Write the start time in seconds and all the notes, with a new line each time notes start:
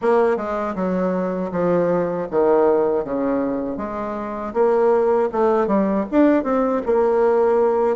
0.01 A#3
0.37 G#3
0.75 F#3
1.51 F3
2.30 D#3
3.04 C#3
3.77 G#3
4.53 A#3
5.32 A3
5.67 G3
6.11 D4
6.43 C4
6.86 A#3